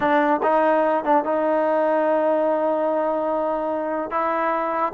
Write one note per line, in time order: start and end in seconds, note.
0.00 0.41 D4
0.42 1.04 D#4
1.04 1.24 D4
1.24 4.10 D#4
4.10 4.93 E4